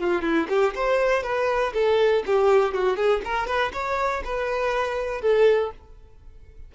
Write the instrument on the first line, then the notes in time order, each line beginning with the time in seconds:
violin
0.00 F4
0.22 E4
0.50 G4
0.75 C5
1.23 B4
1.74 A4
2.26 G4
2.75 F#4
2.97 G#4
3.25 A#4
3.47 B4
3.73 C#5
4.25 B4
5.22 A4